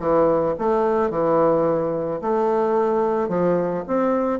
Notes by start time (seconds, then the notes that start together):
0.00 E3
0.59 A3
1.11 E3
2.22 A3
3.29 F3
3.88 C4